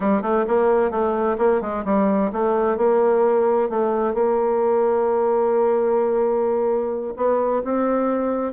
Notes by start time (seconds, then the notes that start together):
0.00 G3
0.22 A3
0.47 A#3
0.90 A3
1.38 A#3
1.61 G#3
1.85 G3
2.32 A3
2.77 A#3
3.69 A3
4.14 A#3
7.16 B3
7.64 C4